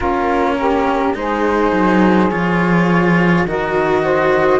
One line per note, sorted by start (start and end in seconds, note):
0.00 1.14 A#3
0.00 1.14 C#4
0.00 0.55 F4
0.00 1.15 A#4
0.59 1.16 G4
1.14 1.72 G#3
1.14 2.29 D#4
1.14 3.47 G#4
1.14 2.30 C5
1.72 2.30 F#3
2.30 3.45 F3
2.30 3.46 F4
2.30 3.45 C#5
3.45 4.59 D#3
3.45 4.59 F#4
3.45 4.03 A#4
3.45 4.59 D#5
4.03 4.59 C5